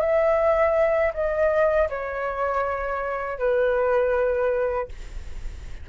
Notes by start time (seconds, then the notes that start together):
0.00 E5
1.14 D#5
1.89 C#5
3.39 B4